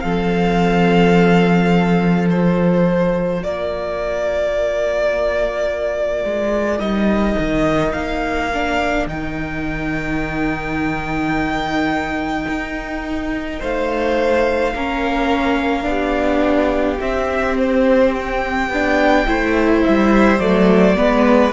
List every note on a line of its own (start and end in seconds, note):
0.00 3.44 F3
0.00 2.27 C4
0.00 3.42 A4
0.00 2.26 F5
2.27 6.79 F4
2.27 3.43 C5
3.42 6.25 A#3
3.42 13.60 A#4
3.42 6.80 D5
6.25 6.80 G#3
6.79 7.36 G3
6.79 8.49 D#4
6.79 7.93 D#5
7.40 7.94 D#3
7.93 9.07 A#3
7.93 9.06 F5
8.54 9.09 D4
9.07 12.46 D#3
9.07 14.75 D#4
9.07 13.62 G5
12.49 13.62 D#4
13.60 14.74 A3
13.60 14.74 C5
13.60 17.01 F5
14.74 15.86 A#3
14.74 15.83 C#4
14.74 15.89 A#4
15.83 16.99 B3
15.83 16.97 D4
15.83 19.27 G4
17.00 18.70 C4
17.00 17.57 E5
17.59 18.15 C5
18.15 19.84 G5
18.70 19.26 B3
18.70 19.27 D4
19.27 19.84 A3
19.27 20.40 E4
19.27 20.97 C5
19.84 20.40 G3
19.84 20.40 E5
20.40 20.96 F#3
20.40 20.96 A3
20.40 21.53 D5
20.96 21.53 G#3
20.96 21.53 B3
20.96 21.53 B4